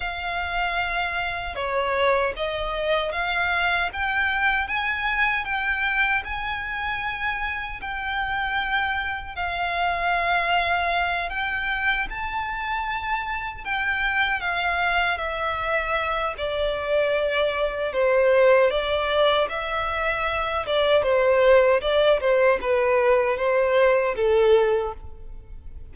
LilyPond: \new Staff \with { instrumentName = "violin" } { \time 4/4 \tempo 4 = 77 f''2 cis''4 dis''4 | f''4 g''4 gis''4 g''4 | gis''2 g''2 | f''2~ f''8 g''4 a''8~ |
a''4. g''4 f''4 e''8~ | e''4 d''2 c''4 | d''4 e''4. d''8 c''4 | d''8 c''8 b'4 c''4 a'4 | }